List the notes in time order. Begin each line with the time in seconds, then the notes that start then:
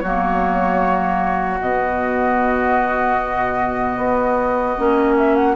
0.00 F#3 A#3 F#4 C#5
1.60 B2 B3 D#5
3.97 B3
4.77 A#3 C#4
5.17 E5
5.35 F#5